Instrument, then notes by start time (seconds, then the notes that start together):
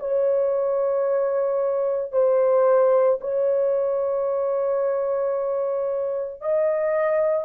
horn
0.00 C#5
2.12 C5
3.21 C#5
6.41 D#5